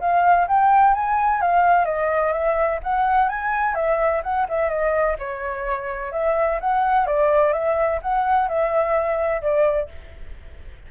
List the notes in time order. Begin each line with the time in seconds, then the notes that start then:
0.00 F5
0.48 G5
0.94 G#5
1.41 F5
1.85 D#5
2.32 E5
2.83 F#5
3.29 G#5
3.75 E5
4.23 F#5
4.49 E5
4.69 D#5
5.19 C#5
6.12 E5
6.60 F#5
7.06 D5
7.53 E5
8.02 F#5
8.48 E5
9.42 D5